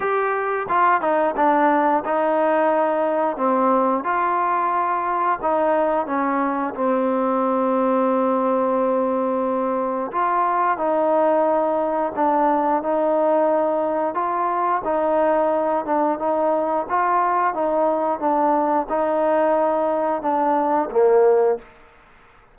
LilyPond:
\new Staff \with { instrumentName = "trombone" } { \time 4/4 \tempo 4 = 89 g'4 f'8 dis'8 d'4 dis'4~ | dis'4 c'4 f'2 | dis'4 cis'4 c'2~ | c'2. f'4 |
dis'2 d'4 dis'4~ | dis'4 f'4 dis'4. d'8 | dis'4 f'4 dis'4 d'4 | dis'2 d'4 ais4 | }